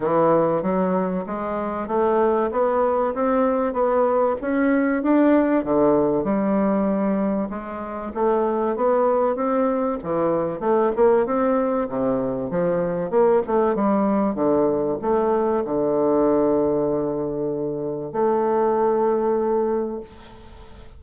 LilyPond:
\new Staff \with { instrumentName = "bassoon" } { \time 4/4 \tempo 4 = 96 e4 fis4 gis4 a4 | b4 c'4 b4 cis'4 | d'4 d4 g2 | gis4 a4 b4 c'4 |
e4 a8 ais8 c'4 c4 | f4 ais8 a8 g4 d4 | a4 d2.~ | d4 a2. | }